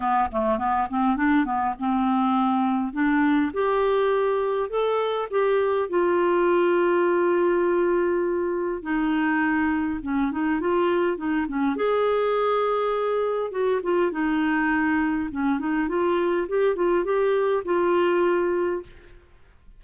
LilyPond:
\new Staff \with { instrumentName = "clarinet" } { \time 4/4 \tempo 4 = 102 b8 a8 b8 c'8 d'8 b8 c'4~ | c'4 d'4 g'2 | a'4 g'4 f'2~ | f'2. dis'4~ |
dis'4 cis'8 dis'8 f'4 dis'8 cis'8 | gis'2. fis'8 f'8 | dis'2 cis'8 dis'8 f'4 | g'8 f'8 g'4 f'2 | }